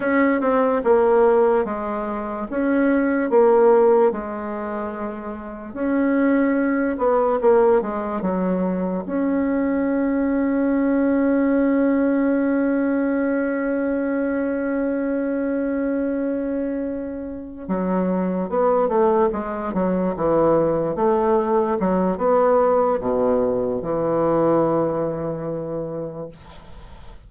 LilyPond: \new Staff \with { instrumentName = "bassoon" } { \time 4/4 \tempo 4 = 73 cis'8 c'8 ais4 gis4 cis'4 | ais4 gis2 cis'4~ | cis'8 b8 ais8 gis8 fis4 cis'4~ | cis'1~ |
cis'1~ | cis'4. fis4 b8 a8 gis8 | fis8 e4 a4 fis8 b4 | b,4 e2. | }